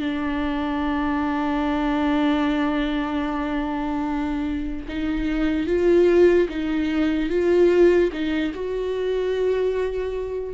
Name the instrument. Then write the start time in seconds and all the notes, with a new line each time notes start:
viola
0.00 D4
4.89 D#4
5.67 F4
6.49 D#4
7.30 F4
8.13 D#4
8.55 F#4